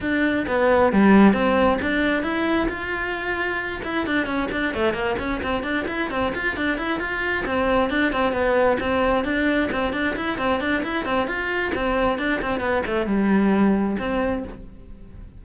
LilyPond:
\new Staff \with { instrumentName = "cello" } { \time 4/4 \tempo 4 = 133 d'4 b4 g4 c'4 | d'4 e'4 f'2~ | f'8 e'8 d'8 cis'8 d'8 a8 ais8 cis'8 | c'8 d'8 e'8 c'8 f'8 d'8 e'8 f'8~ |
f'8 c'4 d'8 c'8 b4 c'8~ | c'8 d'4 c'8 d'8 e'8 c'8 d'8 | e'8 c'8 f'4 c'4 d'8 c'8 | b8 a8 g2 c'4 | }